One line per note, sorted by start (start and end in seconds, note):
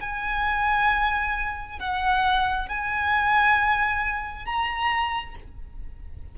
0.00 1.79 G#5
1.79 2.68 F#5
2.68 4.45 G#5
4.45 5.35 A#5